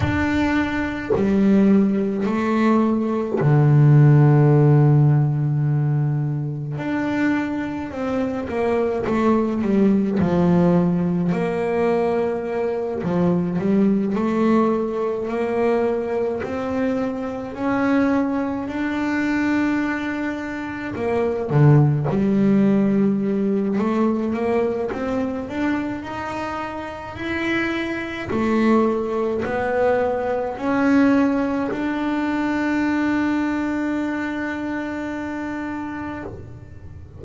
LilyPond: \new Staff \with { instrumentName = "double bass" } { \time 4/4 \tempo 4 = 53 d'4 g4 a4 d4~ | d2 d'4 c'8 ais8 | a8 g8 f4 ais4. f8 | g8 a4 ais4 c'4 cis'8~ |
cis'8 d'2 ais8 d8 g8~ | g4 a8 ais8 c'8 d'8 dis'4 | e'4 a4 b4 cis'4 | d'1 | }